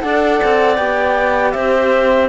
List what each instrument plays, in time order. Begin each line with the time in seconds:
0.00 cello D4, viola A4, clarinet D5, flute F#5
0.43 cello C4
0.75 cello B3, viola G4, flute G5
1.51 cello C4, clarinet C5, flute E5